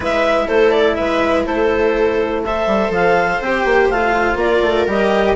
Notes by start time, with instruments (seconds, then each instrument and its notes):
0.00 bassoon G#3, cello E4, viola B4, clarinet E5
0.47 bassoon A3, viola A4, clarinet C5
0.71 clarinet D5
0.94 bassoon G#3, viola B4, clarinet E5
1.45 bassoon A3, viola A4, clarinet C5
2.44 cello A4, viola C5, clarinet E5
2.67 bassoon G3
2.89 bassoon F3, clarinet F5
3.41 bassoon C4, cello G4, clarinet G5
3.64 bassoon A#3
3.90 bassoon A3, cello F4, clarinet F5
4.35 bassoon A#3, viola A#4, clarinet D5
4.62 bassoon A3
4.86 bassoon G3, cello G4, clarinet D#5